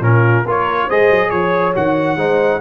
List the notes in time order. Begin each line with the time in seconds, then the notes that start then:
0.00 A#2 C#4 F4 A#4
0.45 A#3 F4 A#4 C#5
0.86 G#3 G#4 C5 D#5
1.10 F#3
1.30 F3 C#5
1.74 D#3 F#4 F#5
2.16 G#3 D#4 C5